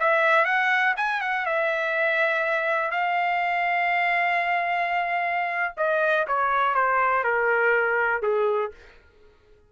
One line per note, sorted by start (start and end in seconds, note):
0.00 0.45 E5
0.45 0.95 F#5
0.97 1.21 G#5
1.21 1.46 F#5
1.46 2.91 E5
2.91 5.74 F5
5.77 6.27 D#5
6.27 6.75 C#5
6.75 7.24 C5
7.24 8.22 A#4
8.22 8.72 G#4